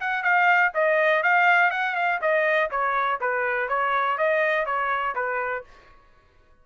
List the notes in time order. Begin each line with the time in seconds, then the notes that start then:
0.00 F#5
0.23 F5
0.74 D#5
1.23 F5
1.70 F#5
1.95 F5
2.21 D#5
2.70 C#5
3.20 B4
3.68 C#5
4.17 D#5
4.66 C#5
5.15 B4